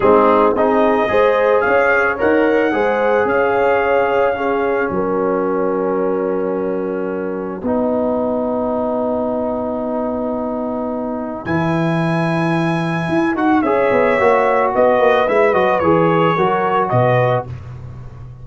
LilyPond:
<<
  \new Staff \with { instrumentName = "trumpet" } { \time 4/4 \tempo 4 = 110 gis'4 dis''2 f''4 | fis''2 f''2~ | f''4 fis''2.~ | fis''1~ |
fis''1~ | fis''4 gis''2.~ | gis''8 fis''8 e''2 dis''4 | e''8 dis''8 cis''2 dis''4 | }
  \new Staff \with { instrumentName = "horn" } { \time 4/4 dis'4 gis'4 c''4 cis''4~ | cis''4 c''4 cis''2 | gis'4 ais'2.~ | ais'2 b'2~ |
b'1~ | b'1~ | b'4 cis''2 b'4~ | b'2 ais'4 b'4 | }
  \new Staff \with { instrumentName = "trombone" } { \time 4/4 c'4 dis'4 gis'2 | ais'4 gis'2. | cis'1~ | cis'2 dis'2~ |
dis'1~ | dis'4 e'2.~ | e'8 fis'8 gis'4 fis'2 | e'8 fis'8 gis'4 fis'2 | }
  \new Staff \with { instrumentName = "tuba" } { \time 4/4 gis4 c'4 gis4 cis'4 | dis'4 gis4 cis'2~ | cis'4 fis2.~ | fis2 b2~ |
b1~ | b4 e2. | e'8 dis'8 cis'8 b8 ais4 b8 ais8 | gis8 fis8 e4 fis4 b,4 | }
>>